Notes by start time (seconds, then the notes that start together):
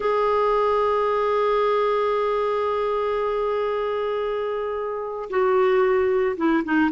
0.00 G#4
5.30 F#4
6.36 E4
6.64 D#4